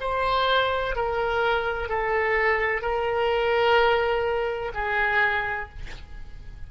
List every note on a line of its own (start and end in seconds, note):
0.00 0.95 C5
0.95 1.89 A#4
1.89 2.81 A4
2.81 4.72 A#4
4.74 5.69 G#4